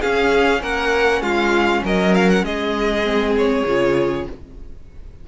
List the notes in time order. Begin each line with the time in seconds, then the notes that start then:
0.00 C#4 G#4 F5
0.62 A#3 A#4 F#5
1.21 G#3 F4 F5
1.84 F#3 A#4 D#5
2.15 F5
2.29 F#5
2.43 G#3 G#4 D#5
3.04 C4
3.37 C#5
3.66 C#3 F4